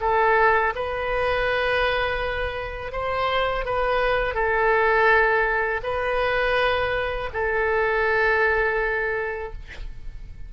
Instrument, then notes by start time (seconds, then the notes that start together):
oboe
0.00 A4
0.75 B4
2.92 C5
3.65 B4
4.34 A4
5.83 B4
7.33 A4